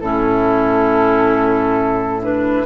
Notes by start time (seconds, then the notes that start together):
0.00 A2 C#4 E4 A4
2.21 D4 B4